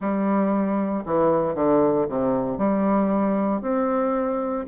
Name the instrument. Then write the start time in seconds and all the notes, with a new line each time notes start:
bassoon
0.00 G3
1.05 E3
1.54 D3
2.08 C3
2.58 G3
3.61 C4